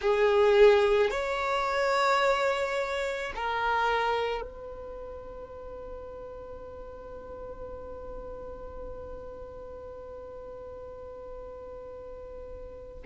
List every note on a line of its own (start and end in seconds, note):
0.01 1.10 G#4
1.10 3.32 C#5
3.35 4.41 A#4
4.41 13.03 B4